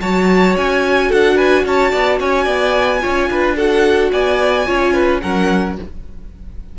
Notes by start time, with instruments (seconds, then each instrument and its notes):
0.00 cello F#3, viola F#4, violin C#5 A5
0.57 cello C#4, violin G#5
1.08 cello D4, violin A4 F#5
1.36 violin B4 G#5
1.65 cello C#4, violin C#5 A5
1.92 cello B3, violin D5
2.20 cello C#4, violin C#5 G#5
2.45 cello B3, violin D5
3.01 cello C#4, viola F4, violin C#5
3.29 cello D4, violin B4
3.56 viola F#4, violin A4 F#5
4.12 cello B3, violin D5 G#5
4.66 cello C#4, viola F4, violin C#5
4.94 violin B4
5.21 cello F#3, viola C#4, violin A#4 F#5